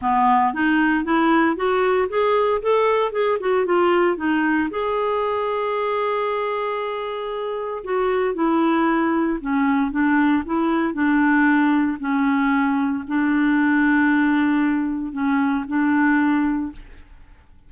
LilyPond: \new Staff \with { instrumentName = "clarinet" } { \time 4/4 \tempo 4 = 115 b4 dis'4 e'4 fis'4 | gis'4 a'4 gis'8 fis'8 f'4 | dis'4 gis'2.~ | gis'2. fis'4 |
e'2 cis'4 d'4 | e'4 d'2 cis'4~ | cis'4 d'2.~ | d'4 cis'4 d'2 | }